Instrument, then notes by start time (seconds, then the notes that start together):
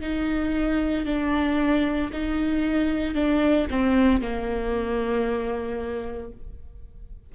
viola
0.00 D#4
1.05 D4
2.12 D#4
3.14 D4
3.70 C4
4.21 A#3